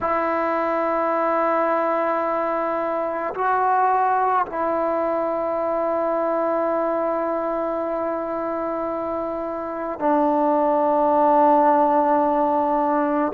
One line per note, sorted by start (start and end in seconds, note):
0.00 3.33 E4
3.34 4.45 F#4
4.45 9.99 E4
9.99 13.32 D4